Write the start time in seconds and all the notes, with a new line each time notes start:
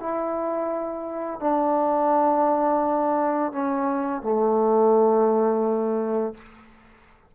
0.00 E4
1.41 D4
3.52 C#4
4.23 A3